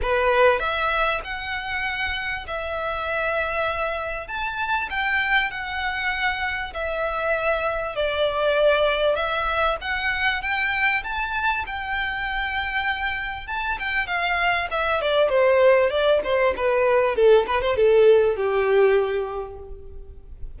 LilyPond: \new Staff \with { instrumentName = "violin" } { \time 4/4 \tempo 4 = 98 b'4 e''4 fis''2 | e''2. a''4 | g''4 fis''2 e''4~ | e''4 d''2 e''4 |
fis''4 g''4 a''4 g''4~ | g''2 a''8 g''8 f''4 | e''8 d''8 c''4 d''8 c''8 b'4 | a'8 b'16 c''16 a'4 g'2 | }